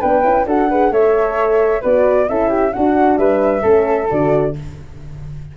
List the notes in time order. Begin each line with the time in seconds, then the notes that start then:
0.00 B3 D4 B4 G5
0.23 C#4 E4
0.46 D4 F#4 A4 F#5
0.69 G#4 B4
0.90 A3 A4 C#5 E5
1.81 B3 F#4 B4 D5
2.28 C#4 E4 A4 E5
2.49 G4
2.71 D4 F#4 F#5
3.17 G3 B4 E5
3.62 A3 C#4 A4
4.09 D3 F#4 D5